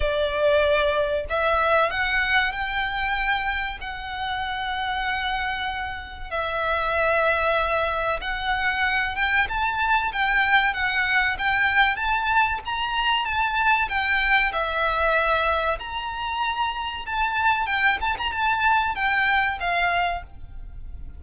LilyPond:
\new Staff \with { instrumentName = "violin" } { \time 4/4 \tempo 4 = 95 d''2 e''4 fis''4 | g''2 fis''2~ | fis''2 e''2~ | e''4 fis''4. g''8 a''4 |
g''4 fis''4 g''4 a''4 | ais''4 a''4 g''4 e''4~ | e''4 ais''2 a''4 | g''8 a''16 ais''16 a''4 g''4 f''4 | }